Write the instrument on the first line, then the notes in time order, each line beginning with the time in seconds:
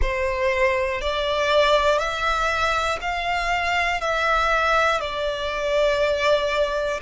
violin
0.01 C5
1.01 D5
1.99 E5
3.00 F5
4.00 E5
5.00 D5